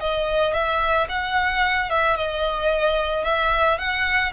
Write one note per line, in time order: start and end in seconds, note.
0.00 0.54 D#5
0.54 1.08 E5
1.09 1.90 F#5
1.90 2.16 E5
2.16 3.24 D#5
3.24 3.78 E5
3.79 4.33 F#5